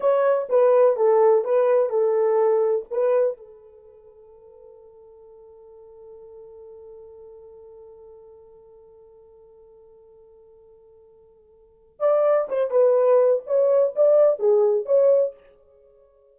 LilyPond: \new Staff \with { instrumentName = "horn" } { \time 4/4 \tempo 4 = 125 cis''4 b'4 a'4 b'4 | a'2 b'4 a'4~ | a'1~ | a'1~ |
a'1~ | a'1~ | a'4 d''4 c''8 b'4. | cis''4 d''4 gis'4 cis''4 | }